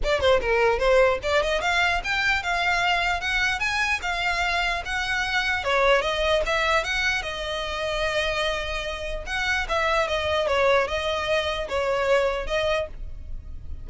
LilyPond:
\new Staff \with { instrumentName = "violin" } { \time 4/4 \tempo 4 = 149 d''8 c''8 ais'4 c''4 d''8 dis''8 | f''4 g''4 f''2 | fis''4 gis''4 f''2 | fis''2 cis''4 dis''4 |
e''4 fis''4 dis''2~ | dis''2. fis''4 | e''4 dis''4 cis''4 dis''4~ | dis''4 cis''2 dis''4 | }